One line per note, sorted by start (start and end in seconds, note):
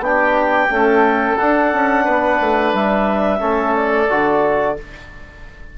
0.00 0.67 B3
0.00 0.69 D4
0.00 1.37 G5
0.07 0.74 G4
0.69 1.37 A3
0.69 1.38 C#4
0.69 2.05 A4
1.37 3.40 D4
1.37 1.73 D4
1.37 2.72 F#5
1.73 2.07 C#4
2.05 2.40 B3
2.05 3.40 B4
2.41 2.73 A3
2.73 3.41 G3
2.73 3.76 E5
3.40 4.09 A3
3.40 4.07 C#4
3.40 4.75 A4
3.76 4.77 D5
4.10 4.78 D3
4.10 4.77 F#4